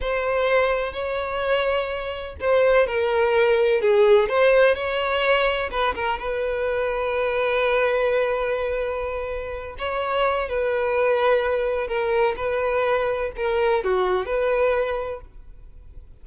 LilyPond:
\new Staff \with { instrumentName = "violin" } { \time 4/4 \tempo 4 = 126 c''2 cis''2~ | cis''4 c''4 ais'2 | gis'4 c''4 cis''2 | b'8 ais'8 b'2.~ |
b'1~ | b'8 cis''4. b'2~ | b'4 ais'4 b'2 | ais'4 fis'4 b'2 | }